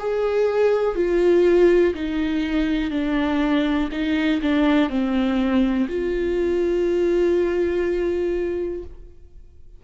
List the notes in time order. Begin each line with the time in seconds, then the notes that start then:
0.00 G#4
0.96 F4
1.94 D#4
2.91 D4
3.93 D#4
4.42 D4
4.90 C4
5.89 F4